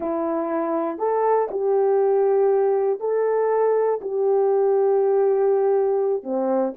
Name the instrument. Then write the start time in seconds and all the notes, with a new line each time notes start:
horn
0.00 E4
0.98 A4
1.50 G4
3.00 A4
4.01 G4
6.23 C4